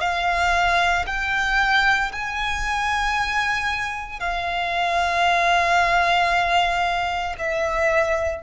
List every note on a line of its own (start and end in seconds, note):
0.00 1.05 F5
1.06 2.11 G5
2.12 4.19 G#5
4.19 7.35 F5
7.38 8.43 E5